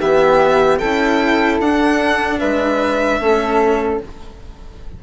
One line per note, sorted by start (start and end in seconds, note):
0.00 0.82 E3
0.00 0.81 B3
0.00 0.80 G4
0.00 0.78 E5
0.78 1.59 C#4
0.78 1.62 E4
0.78 2.39 A4
0.78 1.58 G5
1.59 2.39 D4
1.59 3.20 D4
1.59 2.39 F#5
2.39 3.19 G#3
2.39 3.19 B4
2.39 3.99 E5
3.19 3.99 A3
3.19 4.00 C#4
3.19 4.03 A4